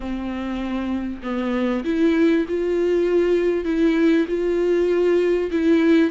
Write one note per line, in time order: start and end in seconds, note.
0.00 1.21 C4
1.22 1.84 B3
1.84 2.45 E4
2.48 3.65 F4
3.65 4.26 E4
4.27 5.50 F4
5.51 6.10 E4